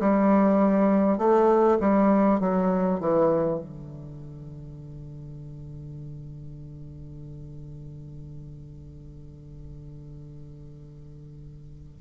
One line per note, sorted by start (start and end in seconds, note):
0.00 1.18 G3
1.18 1.78 A3
1.81 2.41 G3
2.41 3.01 F#3
3.01 3.59 E3
3.59 11.99 D3